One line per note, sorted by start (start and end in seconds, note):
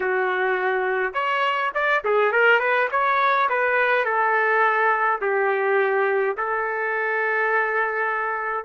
0.00 1.13 F#4
1.13 1.71 C#5
1.74 2.03 D5
2.04 2.32 G#4
2.32 2.59 A#4
2.59 2.88 B4
2.91 3.48 C#5
3.49 4.04 B4
4.04 5.19 A4
5.21 6.36 G4
6.37 8.64 A4